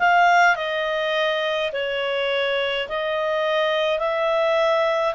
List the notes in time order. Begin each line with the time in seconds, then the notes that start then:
0.00 F5
0.56 D#5
1.73 C#5
2.89 D#5
4.00 E5